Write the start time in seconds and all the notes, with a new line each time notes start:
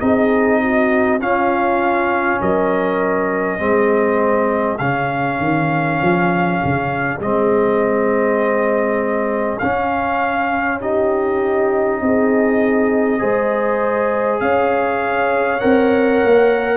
0.00 C4 D#4 G#4 D#5
0.61 F#4
1.20 C#4 F4 F5
2.41 F#3 A#4 D#5
3.59 G#3 C4 G#4
4.79 C#3 C#4 F5
5.40 D#3
6.02 F3
6.65 C#3
7.20 G#3 C4 D#5
9.59 C#4 F5
10.80 D#4 G4 D#5
12.02 C4 G#4
13.19 G#3 G#4 C5
14.41 C#4 C#5 F5
15.61 C4 A#4 F#5
16.25 A#3